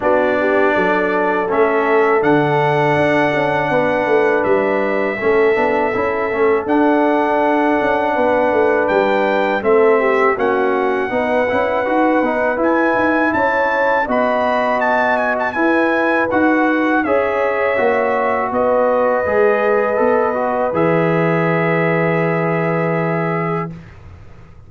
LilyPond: <<
  \new Staff \with { instrumentName = "trumpet" } { \time 4/4 \tempo 4 = 81 d''2 e''4 fis''4~ | fis''2 e''2~ | e''4 fis''2. | g''4 e''4 fis''2~ |
fis''4 gis''4 a''4 b''4 | a''8 gis''16 a''16 gis''4 fis''4 e''4~ | e''4 dis''2. | e''1 | }
  \new Staff \with { instrumentName = "horn" } { \time 4/4 fis'8 g'8 a'2.~ | a'4 b'2 a'4~ | a'2. b'4~ | b'4 a'8 g'8 fis'4 b'4~ |
b'2 cis''4 dis''4~ | dis''4 b'2 cis''4~ | cis''4 b'2.~ | b'1 | }
  \new Staff \with { instrumentName = "trombone" } { \time 4/4 d'2 cis'4 d'4~ | d'2. cis'8 d'8 | e'8 cis'8 d'2.~ | d'4 c'4 cis'4 dis'8 e'8 |
fis'8 dis'8 e'2 fis'4~ | fis'4 e'4 fis'4 gis'4 | fis'2 gis'4 a'8 fis'8 | gis'1 | }
  \new Staff \with { instrumentName = "tuba" } { \time 4/4 b4 fis4 a4 d4 | d'8 cis'8 b8 a8 g4 a8 b8 | cis'8 a8 d'4. cis'8 b8 a8 | g4 a4 ais4 b8 cis'8 |
dis'8 b8 e'8 dis'8 cis'4 b4~ | b4 e'4 dis'4 cis'4 | ais4 b4 gis4 b4 | e1 | }
>>